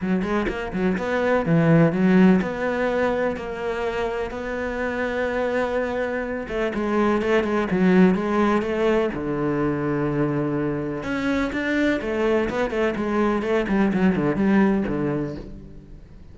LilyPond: \new Staff \with { instrumentName = "cello" } { \time 4/4 \tempo 4 = 125 fis8 gis8 ais8 fis8 b4 e4 | fis4 b2 ais4~ | ais4 b2.~ | b4. a8 gis4 a8 gis8 |
fis4 gis4 a4 d4~ | d2. cis'4 | d'4 a4 b8 a8 gis4 | a8 g8 fis8 d8 g4 d4 | }